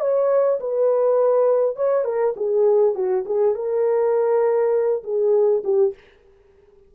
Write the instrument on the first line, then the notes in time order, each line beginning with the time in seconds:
horn
0.00 C#5
0.60 B4
1.76 C#5
2.05 A#4
2.37 G#4
2.95 F#4
3.26 G#4
3.55 A#4
5.04 G#4
5.64 G4